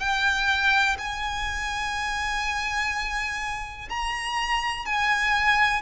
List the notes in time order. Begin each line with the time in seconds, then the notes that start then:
0.00 G5
0.98 G#5
3.90 A#5
4.86 G#5